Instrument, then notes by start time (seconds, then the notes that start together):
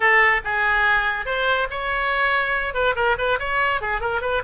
oboe
0.00 A4
0.44 G#4
1.25 C5
1.70 C#5
2.73 B4
2.95 A#4
3.17 B4
3.39 C#5
3.81 G#4
4.00 A#4
4.21 B4